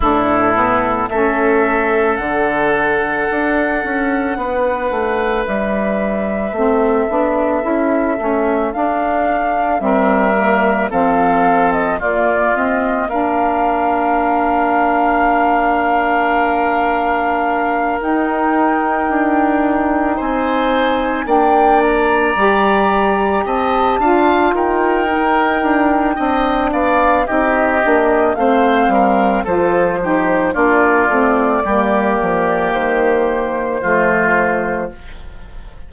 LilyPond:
<<
  \new Staff \with { instrumentName = "flute" } { \time 4/4 \tempo 4 = 55 a'4 e''4 fis''2~ | fis''4 e''2. | f''4 e''4 f''8. dis''16 d''8 dis''8 | f''1~ |
f''8 g''2 gis''4 g''8 | ais''4. a''4 g''4.~ | g''8 f''8 dis''4 f''4 c''4 | d''2 c''2 | }
  \new Staff \with { instrumentName = "oboe" } { \time 4/4 e'4 a'2. | b'2 a'2~ | a'4 ais'4 a'4 f'4 | ais'1~ |
ais'2~ ais'8 c''4 d''8~ | d''4. dis''8 f''8 ais'4. | dis''8 d''8 g'4 c''8 ais'8 a'8 g'8 | f'4 g'2 f'4 | }
  \new Staff \with { instrumentName = "saxophone" } { \time 4/4 d'8 b8 cis'4 d'2~ | d'2 c'8 d'8 e'8 cis'8 | d'4 c'8 ais8 c'4 ais8 c'8 | d'1~ |
d'8 dis'2. d'8~ | d'8 g'4. f'4 dis'4 | d'4 dis'8 d'8 c'4 f'8 dis'8 | d'8 c'8 ais2 a4 | }
  \new Staff \with { instrumentName = "bassoon" } { \time 4/4 a,4 a4 d4 d'8 cis'8 | b8 a8 g4 a8 b8 cis'8 a8 | d'4 g4 f4 ais4~ | ais1~ |
ais8 dis'4 d'4 c'4 ais8~ | ais8 g4 c'8 d'8 dis'4 d'8 | c'8 b8 c'8 ais8 a8 g8 f4 | ais8 a8 g8 f8 dis4 f4 | }
>>